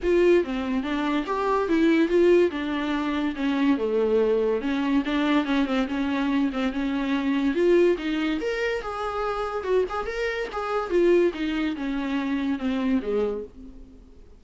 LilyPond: \new Staff \with { instrumentName = "viola" } { \time 4/4 \tempo 4 = 143 f'4 c'4 d'4 g'4 | e'4 f'4 d'2 | cis'4 a2 cis'4 | d'4 cis'8 c'8 cis'4. c'8 |
cis'2 f'4 dis'4 | ais'4 gis'2 fis'8 gis'8 | ais'4 gis'4 f'4 dis'4 | cis'2 c'4 gis4 | }